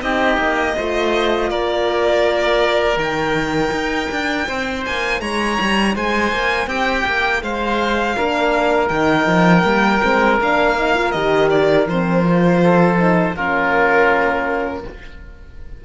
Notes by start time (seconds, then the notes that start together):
0.00 C4 D#4 G4 D#5
0.37 A#3
0.77 A3 F4 C5
1.50 A#3 A#4 D5
2.97 D#3 D#4 G5
3.72 D#4
4.11 D4
4.48 C4 C5
4.86 A#3 G#5
5.21 G#3 C#5 A#5
5.61 G3
5.96 G#3 C5 G#5
6.32 A#3
6.67 C4 G4 G5
7.05 A#3
7.42 G#3 C5 F5
8.16 A#3 D4 A#4
8.88 D#3 D#4 G5
9.27 F3
9.62 G3 A#3
10.03 G#3 C4
10.41 A#3 D4 F5
10.77 D#4
10.95 F4
11.12 D#3 G4 D#5
11.50 D5
11.87 F3 C4 C5
12.24 F4
12.63 A4
12.98 D#4
13.36 A#3 C#4 F4 A#4